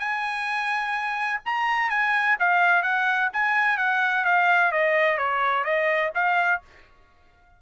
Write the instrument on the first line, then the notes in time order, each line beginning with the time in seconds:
trumpet
0.00 G#5
1.46 A#5
1.90 G#5
2.40 F5
2.83 F#5
3.33 G#5
3.78 F#5
4.25 F5
4.72 D#5
5.18 C#5
5.65 D#5
6.15 F5